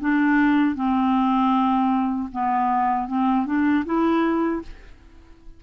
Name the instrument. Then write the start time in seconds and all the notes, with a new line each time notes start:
clarinet
0.00 D4
0.75 C4
2.32 B3
3.07 C4
3.45 D4
3.85 E4